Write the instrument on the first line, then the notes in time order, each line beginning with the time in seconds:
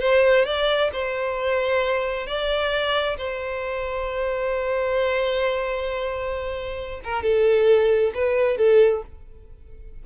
violin
0.00 C5
0.45 D5
0.93 C5
2.27 D5
3.17 C5
7.04 A#4
7.23 A4
8.14 B4
8.57 A4